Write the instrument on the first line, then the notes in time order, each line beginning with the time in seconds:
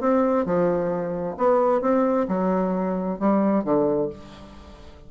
bassoon
0.00 C4
0.45 F3
1.38 B3
1.81 C4
2.28 F#3
3.19 G3
3.64 D3